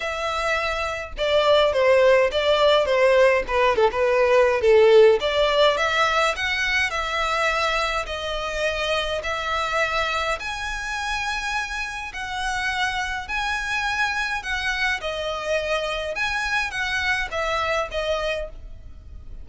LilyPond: \new Staff \with { instrumentName = "violin" } { \time 4/4 \tempo 4 = 104 e''2 d''4 c''4 | d''4 c''4 b'8 a'16 b'4~ b'16 | a'4 d''4 e''4 fis''4 | e''2 dis''2 |
e''2 gis''2~ | gis''4 fis''2 gis''4~ | gis''4 fis''4 dis''2 | gis''4 fis''4 e''4 dis''4 | }